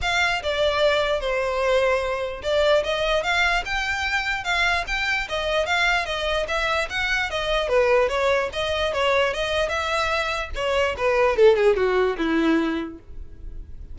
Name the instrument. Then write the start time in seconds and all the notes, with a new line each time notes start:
violin
0.01 F5
0.43 D5
1.20 C5
2.42 D5
2.83 D#5
3.23 F5
3.65 G5
4.44 F5
4.87 G5
5.29 D#5
5.66 F5
6.05 D#5
6.48 E5
6.89 F#5
7.30 D#5
7.68 B4
8.09 C#5
8.52 D#5
8.93 C#5
9.33 D#5
9.69 E5
10.55 C#5
10.97 B4
11.36 A4
11.56 G#4
11.76 F#4
12.17 E4